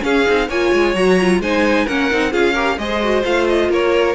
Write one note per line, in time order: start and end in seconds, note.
0.00 0.23 C#4
0.00 0.27 C#4
0.00 0.48 G#4
0.00 0.49 F5
0.26 0.49 C4
0.26 0.49 D#4
0.48 0.72 A#3
0.48 0.95 F4
0.48 1.39 C#5
0.48 0.95 G#5
0.72 0.94 G#3
0.94 1.40 F#3
0.94 1.18 F#4
0.94 1.41 A#5
1.20 1.42 F4
1.40 1.85 G#3
1.40 1.88 D#4
1.40 1.85 C5
1.40 1.87 G#5
1.85 2.11 A#3
1.85 2.10 C#4
1.85 2.31 A#4
1.85 2.32 F#5
2.10 2.33 C4
2.10 2.31 D#4
2.31 2.77 C#4
2.31 2.54 F4
2.31 2.53 G#4
2.31 2.78 F5
2.53 2.78 G4
2.53 2.76 A#4
2.77 3.23 G#3
2.77 3.02 G#4
2.77 3.70 C5
2.77 3.23 D#5
3.02 3.23 F#4
3.23 3.69 A3
3.23 4.15 F4
3.23 3.47 F5
3.47 3.70 D#5
3.69 4.15 A#3
3.69 4.15 A#4
3.69 4.15 C#5